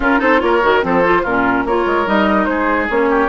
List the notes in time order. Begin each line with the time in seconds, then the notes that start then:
0.00 C#4 F4 A#4
0.18 C4 D#4 A4 C5
0.39 A#3 F4 A#4 C#5
0.62 D#3 F#4
0.82 F3 C4 A4 C5
1.04 F4
1.22 A#2 C#4 F4 A#4
1.64 A#3 F4 A#4 C#5
1.85 G#3
2.06 G3 D#4 D#5
2.44 G#3 G#4 C5
2.90 A#3 C#4 C#5
3.09 G4